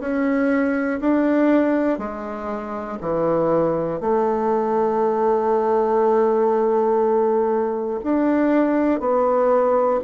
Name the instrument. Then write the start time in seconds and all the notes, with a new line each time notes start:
bassoon
0.00 C#4
1.00 D4
1.98 G#3
3.00 E3
4.00 A3
8.03 D4
9.00 B3